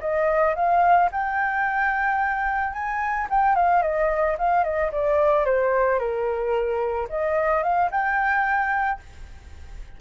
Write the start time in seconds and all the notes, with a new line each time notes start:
0.00 D#5
0.55 F5
1.11 G5
2.72 G#5
3.29 G5
3.55 F5
3.82 D#5
4.38 F5
4.64 D#5
4.91 D5
5.45 C5
5.99 A#4
7.09 D#5
7.63 F5
7.90 G5